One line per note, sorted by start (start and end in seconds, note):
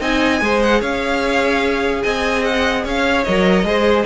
0.00 0.41 C4
0.00 0.41 D#4
0.00 0.41 D#5
0.00 0.62 G#5
0.41 0.81 G#3
0.41 3.25 G#4
0.41 0.80 C5
0.62 0.81 F#5
0.80 2.03 C#4
0.80 2.02 C#5
0.80 2.02 F5
2.02 2.84 C4
2.02 2.84 D#5
2.02 2.43 G#5
2.43 2.84 F#5
2.84 3.25 C#4
2.84 3.65 C#5
2.84 3.23 F5
3.23 3.63 F#3
3.23 3.65 A#4
3.23 4.05 D#5
3.63 4.04 G#3
3.63 4.05 G#4
3.63 4.05 C5